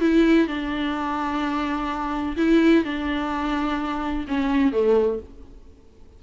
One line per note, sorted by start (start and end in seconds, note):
0.00 0.47 E4
0.47 2.36 D4
2.36 2.84 E4
2.84 4.26 D4
4.27 4.72 C#4
4.72 5.19 A3